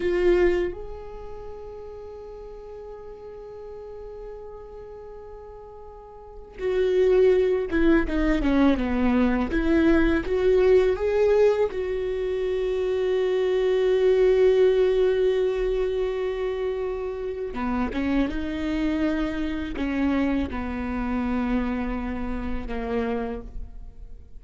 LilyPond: \new Staff \with { instrumentName = "viola" } { \time 4/4 \tempo 4 = 82 f'4 gis'2.~ | gis'1~ | gis'4 fis'4. e'8 dis'8 cis'8 | b4 e'4 fis'4 gis'4 |
fis'1~ | fis'1 | b8 cis'8 dis'2 cis'4 | b2. ais4 | }